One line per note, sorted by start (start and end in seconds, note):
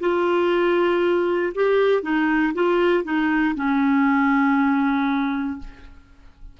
0.00 1.53 F4
1.54 2.02 G4
2.02 2.53 D#4
2.54 3.04 F4
3.04 3.55 D#4
3.55 5.58 C#4